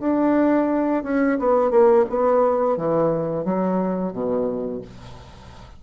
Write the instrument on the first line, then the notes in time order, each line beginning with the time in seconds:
bassoon
0.00 D4
1.04 C#4
1.39 B3
1.71 A#3
2.09 B3
2.77 E3
3.45 F#3
4.13 B2